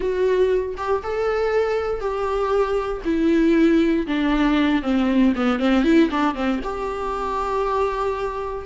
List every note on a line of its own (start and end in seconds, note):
0.00 0.75 F#4
0.77 1.02 G4
1.03 2.00 A4
2.00 3.02 G4
3.04 4.06 E4
4.07 4.82 D4
4.82 5.33 C4
5.35 5.59 B3
5.59 5.84 C4
5.84 6.09 E4
6.10 6.34 D4
6.34 6.60 C4
6.63 8.66 G4